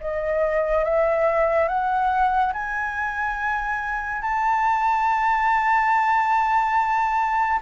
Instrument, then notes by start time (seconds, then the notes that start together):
flute
0.00 D#5
0.84 E5
1.68 F#5
2.53 G#5
4.21 A5